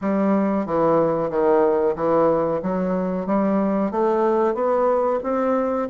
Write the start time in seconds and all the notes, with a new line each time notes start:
0.01 G3
0.66 E3
1.30 D#3
1.95 E3
2.62 F#3
3.26 G3
3.91 A3
4.54 B3
5.23 C4